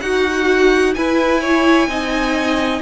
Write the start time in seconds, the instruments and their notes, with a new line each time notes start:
0.00 cello D#4, viola F#4, violin F#4 F#5
0.94 cello E4, viola E4, violin B4 G#5
1.41 violin C#5
1.87 cello C4, viola D#4, violin D#5